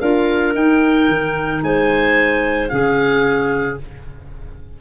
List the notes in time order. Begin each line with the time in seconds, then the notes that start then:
0.00 D4 F4 A#4 F5
0.55 D#4 G5
1.08 D#3
1.62 G#3 C5 G#5
2.69 C#3 C#4 G#4 F5